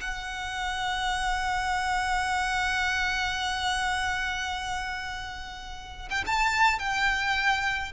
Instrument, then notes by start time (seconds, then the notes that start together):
violin
0.00 F#5
6.10 G5
6.26 A5
6.79 G5